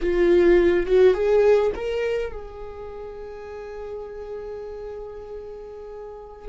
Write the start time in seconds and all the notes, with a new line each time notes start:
0.01 F4
0.86 F#4
1.14 G#4
1.75 A#4
2.32 G#4